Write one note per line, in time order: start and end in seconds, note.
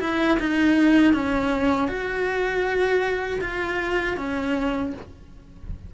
0.00 0.38 E4
0.39 1.13 D#4
1.13 1.88 C#4
1.88 3.40 F#4
3.41 4.17 F4
4.17 4.93 C#4